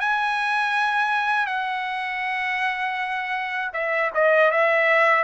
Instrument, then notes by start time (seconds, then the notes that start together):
trumpet
0.00 G#5
1.46 F#5
3.73 E5
4.15 D#5
4.51 E5